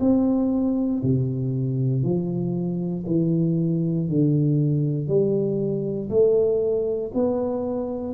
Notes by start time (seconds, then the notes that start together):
0.00 C4
1.03 C3
2.02 F3
3.06 E3
4.08 D3
5.08 G3
6.09 A3
7.14 B3